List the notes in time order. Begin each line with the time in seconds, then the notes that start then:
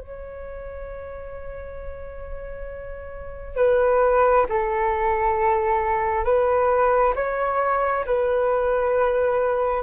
0.00 C#5
3.57 B4
4.49 A4
6.24 B4
7.16 C#5
8.06 B4